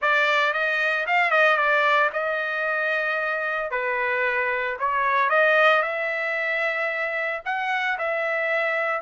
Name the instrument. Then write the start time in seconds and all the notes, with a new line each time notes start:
trumpet
0.01 D5
0.53 D#5
1.06 F5
1.30 D#5
1.57 D5
2.12 D#5
3.70 B4
4.79 C#5
5.29 D#5
5.82 E5
7.45 F#5
7.98 E5